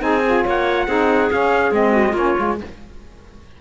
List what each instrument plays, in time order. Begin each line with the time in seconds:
0.00 cello C4, saxophone D#4, clarinet G#4, trumpet G#5
0.25 saxophone F4
0.44 cello A#3, clarinet C#5, trumpet F#5
0.87 cello C4, saxophone D#4, clarinet G#4
1.31 saxophone C#4, cello C#4, trumpet F5
1.71 cello G#3, saxophone C4, trumpet D#5
1.91 clarinet F#4
2.10 cello A#3, saxophone C#4, clarinet F4
2.17 trumpet C#5
2.36 cello G#3, saxophone F4